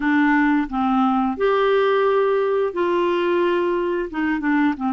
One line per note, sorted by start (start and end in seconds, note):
0.00 0.68 D4
0.69 1.37 C4
1.37 2.73 G4
2.73 4.09 F4
4.10 4.40 D#4
4.40 4.74 D4
4.76 4.92 C4